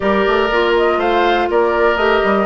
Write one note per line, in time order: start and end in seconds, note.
0.00 0.26 G3
0.00 0.50 G4
0.00 0.98 A#4
0.00 0.74 D5
0.26 0.50 A3
0.50 0.97 A#3
0.50 1.97 F4
0.77 1.00 D#5
0.97 1.47 A3
0.97 1.48 C5
0.97 1.50 F5
1.50 1.96 A#3
1.50 2.46 A#4
1.50 1.96 D5
1.96 2.21 A3
1.96 2.46 G4
1.96 2.46 D#5
2.24 2.46 G3